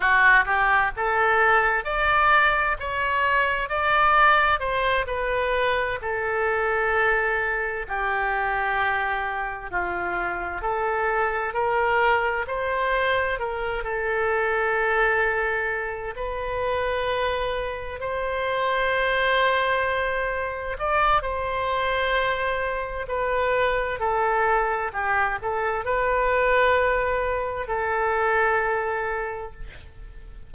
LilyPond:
\new Staff \with { instrumentName = "oboe" } { \time 4/4 \tempo 4 = 65 fis'8 g'8 a'4 d''4 cis''4 | d''4 c''8 b'4 a'4.~ | a'8 g'2 f'4 a'8~ | a'8 ais'4 c''4 ais'8 a'4~ |
a'4. b'2 c''8~ | c''2~ c''8 d''8 c''4~ | c''4 b'4 a'4 g'8 a'8 | b'2 a'2 | }